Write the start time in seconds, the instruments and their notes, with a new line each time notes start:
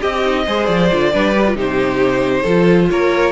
0.00 cello C4, violin G4 D#5, viola G4
0.25 viola D#4
0.46 cello G#3, viola G#4, violin C5
0.66 cello F3, violin D5
0.92 cello D3, viola F4
1.12 cello G3, viola D4, violin B4
1.35 viola G4
1.48 viola F4
1.55 cello C3, viola D#4, violin G4 C5
2.42 cello F3, viola F4, violin A4
2.90 cello A#3, violin A#4 C#5